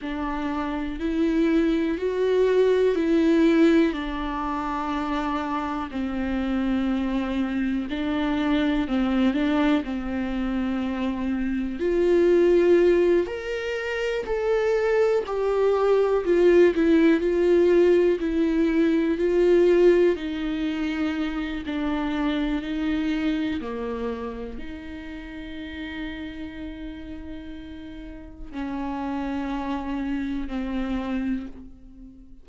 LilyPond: \new Staff \with { instrumentName = "viola" } { \time 4/4 \tempo 4 = 61 d'4 e'4 fis'4 e'4 | d'2 c'2 | d'4 c'8 d'8 c'2 | f'4. ais'4 a'4 g'8~ |
g'8 f'8 e'8 f'4 e'4 f'8~ | f'8 dis'4. d'4 dis'4 | ais4 dis'2.~ | dis'4 cis'2 c'4 | }